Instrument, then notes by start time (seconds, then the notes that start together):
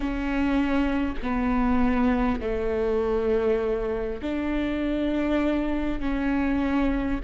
viola
0.00 C#4
1.22 B3
2.40 A3
4.22 D4
5.99 C#4